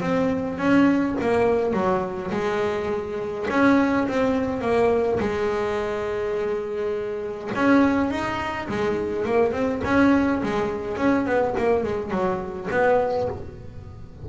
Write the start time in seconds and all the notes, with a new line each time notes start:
0.00 C4
0.58 C#4
1.21 A#3
1.73 F#3
2.31 G#3
3.50 C#4
4.08 C4
4.61 A#3
5.19 G#3
7.55 C#4
8.10 D#4
8.68 G#3
9.25 A#3
9.52 C4
9.84 C#4
10.43 G#3
10.97 C#4
11.26 B3
11.58 A#3
11.83 G#3
12.10 F#3
12.71 B3